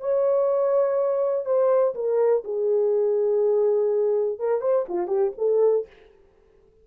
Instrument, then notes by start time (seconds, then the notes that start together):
horn
0.00 C#5
1.45 C5
1.94 A#4
2.44 G#4
4.39 A#4
4.61 C5
4.88 F4
5.07 G4
5.37 A4